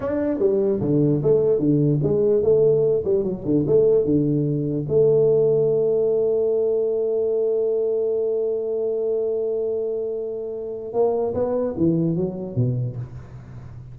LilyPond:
\new Staff \with { instrumentName = "tuba" } { \time 4/4 \tempo 4 = 148 d'4 g4 d4 a4 | d4 gis4 a4. g8 | fis8 d8 a4 d2 | a1~ |
a1~ | a1~ | a2. ais4 | b4 e4 fis4 b,4 | }